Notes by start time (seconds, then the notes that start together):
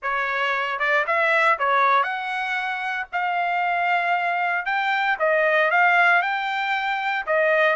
0.02 C#5
0.79 D5
1.06 E5
1.58 C#5
2.03 F#5
3.12 F5
4.65 G5
5.19 D#5
5.70 F5
6.22 G5
7.26 D#5